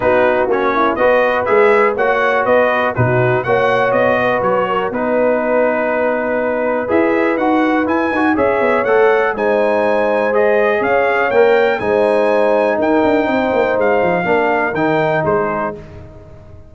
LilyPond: <<
  \new Staff \with { instrumentName = "trumpet" } { \time 4/4 \tempo 4 = 122 b'4 cis''4 dis''4 e''4 | fis''4 dis''4 b'4 fis''4 | dis''4 cis''4 b'2~ | b'2 e''4 fis''4 |
gis''4 e''4 fis''4 gis''4~ | gis''4 dis''4 f''4 g''4 | gis''2 g''2 | f''2 g''4 c''4 | }
  \new Staff \with { instrumentName = "horn" } { \time 4/4 fis'4. e'8 b'2 | cis''4 b'4 fis'4 cis''4~ | cis''8 b'4 ais'8 b'2~ | b'1~ |
b'4 cis''2 c''4~ | c''2 cis''2 | c''2 ais'4 c''4~ | c''4 ais'2 gis'4 | }
  \new Staff \with { instrumentName = "trombone" } { \time 4/4 dis'4 cis'4 fis'4 gis'4 | fis'2 dis'4 fis'4~ | fis'2 dis'2~ | dis'2 gis'4 fis'4 |
e'8 fis'8 gis'4 a'4 dis'4~ | dis'4 gis'2 ais'4 | dis'1~ | dis'4 d'4 dis'2 | }
  \new Staff \with { instrumentName = "tuba" } { \time 4/4 b4 ais4 b4 gis4 | ais4 b4 b,4 ais4 | b4 fis4 b2~ | b2 e'4 dis'4 |
e'8 dis'8 cis'8 b8 a4 gis4~ | gis2 cis'4 ais4 | gis2 dis'8 d'8 c'8 ais8 | gis8 f8 ais4 dis4 gis4 | }
>>